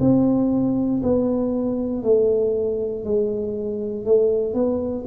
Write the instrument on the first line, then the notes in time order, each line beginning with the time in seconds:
tuba
0.00 C4
1.03 B3
2.03 A3
3.04 G#3
4.05 A3
4.54 B3